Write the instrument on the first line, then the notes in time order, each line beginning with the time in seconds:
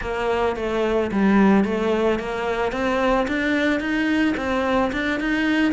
cello
0.01 A#3
0.56 A3
1.11 G3
1.64 A3
2.19 A#3
2.72 C4
3.27 D4
3.80 D#4
4.37 C4
4.92 D4
5.20 D#4